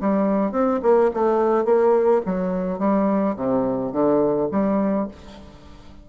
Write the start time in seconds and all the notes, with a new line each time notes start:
0.00 G3
0.51 C4
0.82 A#3
1.13 A3
1.64 A#3
2.25 F#3
2.79 G3
3.36 C3
3.92 D3
4.51 G3